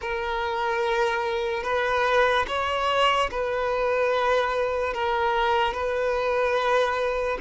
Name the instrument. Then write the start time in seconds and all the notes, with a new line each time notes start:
violin
0.01 A#4
1.63 B4
2.47 C#5
3.30 B4
4.93 A#4
5.73 B4